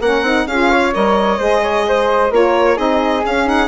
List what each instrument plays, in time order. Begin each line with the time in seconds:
0.00 bassoon A#3, saxophone C#4, flute A#4, violin F#5
0.22 bassoon C4, saxophone D#4
0.47 bassoon C#4, saxophone F4, flute G#4, violin F5
0.71 flute C#5
0.93 bassoon G3, saxophone A#4, violin D#5
1.38 bassoon G#3, saxophone G#4, flute C5
1.63 flute C#5
1.88 flute C5
2.31 bassoon A#3, saxophone F4, flute A#4, violin C#5
2.77 bassoon C4, saxophone D#4, flute G#4, violin D#5
3.25 bassoon C#4, saxophone C#4, violin F5
3.46 saxophone D#4, violin F#5